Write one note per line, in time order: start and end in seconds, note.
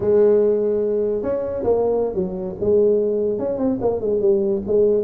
0.00 1.22 G#3
1.22 1.63 C#4
1.63 2.14 A#3
2.14 2.55 F#3
2.60 3.38 G#3
3.38 3.58 C#4
3.58 3.78 C4
3.81 4.00 A#3
4.00 4.20 G#3
4.20 4.62 G3
4.66 5.03 G#3